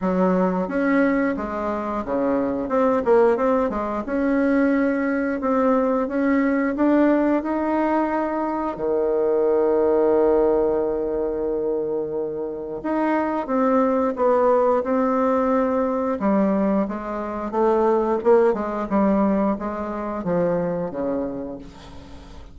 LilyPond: \new Staff \with { instrumentName = "bassoon" } { \time 4/4 \tempo 4 = 89 fis4 cis'4 gis4 cis4 | c'8 ais8 c'8 gis8 cis'2 | c'4 cis'4 d'4 dis'4~ | dis'4 dis2.~ |
dis2. dis'4 | c'4 b4 c'2 | g4 gis4 a4 ais8 gis8 | g4 gis4 f4 cis4 | }